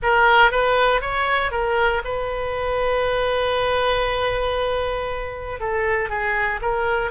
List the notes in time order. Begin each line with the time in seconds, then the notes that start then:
0.02 A#4
0.51 B4
1.01 C#5
1.51 A#4
2.04 B4
5.60 A4
6.09 G#4
6.61 A#4